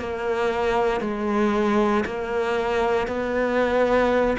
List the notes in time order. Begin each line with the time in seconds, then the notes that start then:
0.00 A#3
1.01 G#3
2.05 A#3
3.08 B3